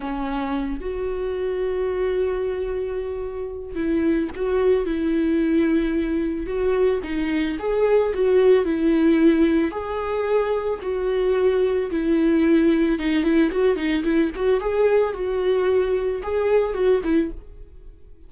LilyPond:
\new Staff \with { instrumentName = "viola" } { \time 4/4 \tempo 4 = 111 cis'4. fis'2~ fis'8~ | fis'2. e'4 | fis'4 e'2. | fis'4 dis'4 gis'4 fis'4 |
e'2 gis'2 | fis'2 e'2 | dis'8 e'8 fis'8 dis'8 e'8 fis'8 gis'4 | fis'2 gis'4 fis'8 e'8 | }